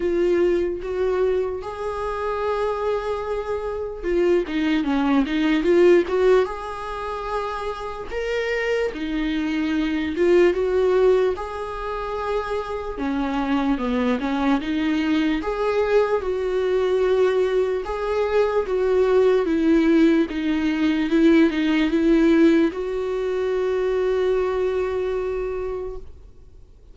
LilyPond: \new Staff \with { instrumentName = "viola" } { \time 4/4 \tempo 4 = 74 f'4 fis'4 gis'2~ | gis'4 f'8 dis'8 cis'8 dis'8 f'8 fis'8 | gis'2 ais'4 dis'4~ | dis'8 f'8 fis'4 gis'2 |
cis'4 b8 cis'8 dis'4 gis'4 | fis'2 gis'4 fis'4 | e'4 dis'4 e'8 dis'8 e'4 | fis'1 | }